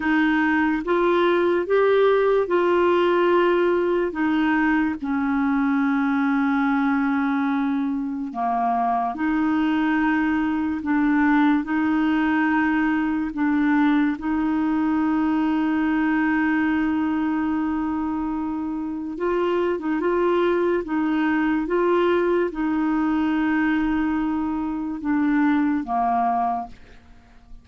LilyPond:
\new Staff \with { instrumentName = "clarinet" } { \time 4/4 \tempo 4 = 72 dis'4 f'4 g'4 f'4~ | f'4 dis'4 cis'2~ | cis'2 ais4 dis'4~ | dis'4 d'4 dis'2 |
d'4 dis'2.~ | dis'2. f'8. dis'16 | f'4 dis'4 f'4 dis'4~ | dis'2 d'4 ais4 | }